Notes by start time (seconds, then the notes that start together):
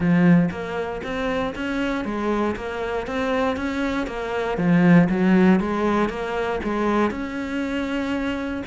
0.00 F3
0.50 A#3
1.03 C4
1.55 C#4
2.05 G#3
2.56 A#3
3.06 C4
3.56 C#4
4.07 A#3
4.57 F3
5.09 F#3
5.60 G#3
6.09 A#3
6.63 G#3
7.10 C#4